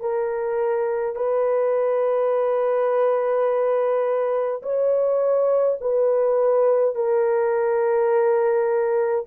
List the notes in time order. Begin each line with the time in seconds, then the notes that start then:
0.00 A#4
1.15 B4
4.62 C#5
5.81 B4
6.95 A#4